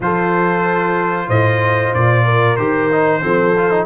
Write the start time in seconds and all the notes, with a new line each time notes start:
0.00 F3 F4 A4 C5
1.26 A2 C5 D#5
1.93 A#2 D5
2.24 A#4
2.56 D#3 G4 C5
2.92 D#4
3.21 F3 C4 A4
3.57 F4
3.70 D#4